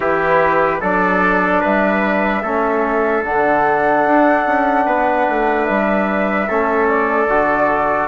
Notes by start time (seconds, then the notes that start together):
0.00 E3 E4 G4 B4
0.81 F#3 D4 A4 D5
1.60 G3 B4 E5
2.42 A3 C#4 A4
3.24 D3 D4 F#5
4.05 D4
4.46 C#4
4.85 B3 B4
5.29 A3
5.65 G3 E5
6.48 A3 C#4 A4
6.88 D5
7.26 D3 F#4